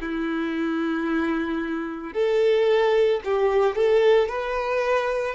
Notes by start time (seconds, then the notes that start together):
0.00 E4
2.13 A4
3.24 G4
3.75 A4
4.29 B4